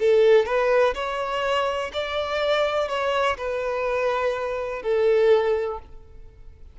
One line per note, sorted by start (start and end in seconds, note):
0.00 0.46 A4
0.46 0.94 B4
0.95 1.91 C#5
1.93 2.89 D5
2.89 3.37 C#5
3.37 4.83 B4
4.83 5.79 A4